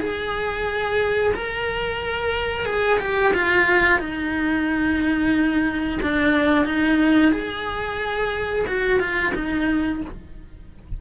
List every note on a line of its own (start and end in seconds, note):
0.00 1.33 G#4
1.34 2.66 A#4
2.66 2.99 G#4
3.00 3.33 G4
3.34 3.99 F4
3.99 5.99 D#4
6.02 6.65 D4
6.65 7.32 D#4
7.32 8.65 G#4
8.67 9.00 F#4
9.00 9.33 F4
9.35 10.01 D#4